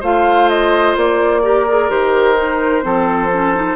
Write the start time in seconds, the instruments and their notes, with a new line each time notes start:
0.00 bassoon A3, clarinet F4, oboe C5, flute F5
0.49 flute D#5
0.96 bassoon A#3, flute D5
1.43 clarinet G4, oboe A#4
1.68 clarinet G#4
1.89 bassoon D#3, clarinet G4, flute C5
2.36 clarinet D#4
2.82 bassoon F3, clarinet C4, oboe A4
3.33 clarinet C#4
3.55 clarinet D#4